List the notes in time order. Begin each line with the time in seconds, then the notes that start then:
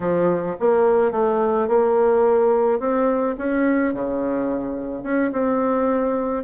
0.00 F3
0.59 A#3
1.11 A3
1.68 A#3
2.79 C4
3.37 C#4
3.93 C#3
5.03 C#4
5.32 C4